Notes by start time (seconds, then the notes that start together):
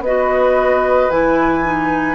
0.00 B3 F#4 B4 D#5
1.10 E3 E4 G#5
1.64 D#4